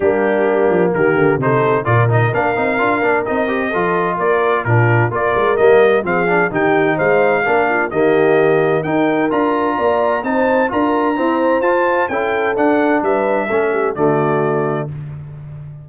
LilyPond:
<<
  \new Staff \with { instrumentName = "trumpet" } { \time 4/4 \tempo 4 = 129 g'2 ais'4 c''4 | d''8 dis''8 f''2 dis''4~ | dis''4 d''4 ais'4 d''4 | dis''4 f''4 g''4 f''4~ |
f''4 dis''2 g''4 | ais''2 a''4 ais''4~ | ais''4 a''4 g''4 fis''4 | e''2 d''2 | }
  \new Staff \with { instrumentName = "horn" } { \time 4/4 d'2 g'4 a'4 | ais'1 | a'4 ais'4 f'4 ais'4~ | ais'4 gis'4 g'4 c''4 |
ais'8 f'8 g'2 ais'4~ | ais'4 d''4 c''4 ais'4 | c''2 a'2 | b'4 a'8 g'8 fis'2 | }
  \new Staff \with { instrumentName = "trombone" } { \time 4/4 ais2. dis'4 | f'8 dis'8 d'8 dis'8 f'8 d'8 dis'8 g'8 | f'2 d'4 f'4 | ais4 c'8 d'8 dis'2 |
d'4 ais2 dis'4 | f'2 dis'4 f'4 | c'4 f'4 e'4 d'4~ | d'4 cis'4 a2 | }
  \new Staff \with { instrumentName = "tuba" } { \time 4/4 g4. f8 dis8 d8 c4 | ais,4 ais8 c'8 d'8 ais8 c'4 | f4 ais4 ais,4 ais8 gis8 | g4 f4 dis4 gis4 |
ais4 dis2 dis'4 | d'4 ais4 c'4 d'4 | e'4 f'4 cis'4 d'4 | g4 a4 d2 | }
>>